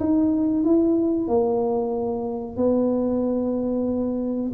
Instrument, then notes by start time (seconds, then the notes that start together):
tuba
0.00 D#4
0.64 E4
1.28 A#3
2.57 B3